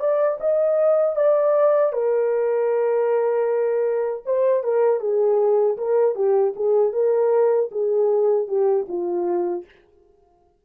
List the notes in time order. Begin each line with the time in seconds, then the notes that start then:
0.00 D5
0.41 D#5
1.16 D5
1.93 A#4
4.26 C5
4.64 A#4
5.00 G#4
5.78 A#4
6.16 G4
6.56 G#4
6.93 A#4
7.72 G#4
8.48 G4
8.88 F4